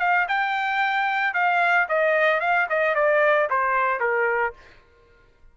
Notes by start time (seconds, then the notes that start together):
0.00 F5
0.28 G5
1.34 F5
1.89 D#5
2.40 F5
2.70 D#5
2.95 D5
3.50 C5
4.00 A#4